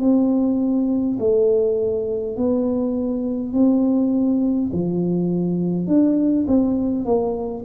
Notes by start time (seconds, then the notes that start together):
0.00 C4
1.20 A3
2.37 B3
3.53 C4
4.73 F3
5.87 D4
6.48 C4
7.05 A#3